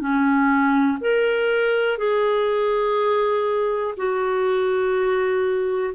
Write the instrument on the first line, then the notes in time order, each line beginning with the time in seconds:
clarinet
0.00 C#4
1.01 A#4
1.98 G#4
3.97 F#4